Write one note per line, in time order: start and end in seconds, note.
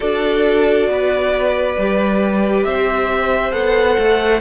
0.00 0.88 D4
0.00 1.75 F#4
0.00 0.88 A4
0.00 2.63 D5
0.88 1.76 B3
0.88 2.67 B4
1.78 2.65 G3
1.78 3.51 G4
2.63 3.53 C4
2.63 4.41 C5
2.63 3.52 E5
3.51 3.97 B3
3.51 4.39 A4
3.51 4.40 F#5
3.98 4.41 A3